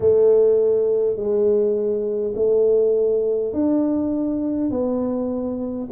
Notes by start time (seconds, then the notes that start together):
0.00 A3
1.16 G#3
2.35 A3
3.53 D4
4.70 B3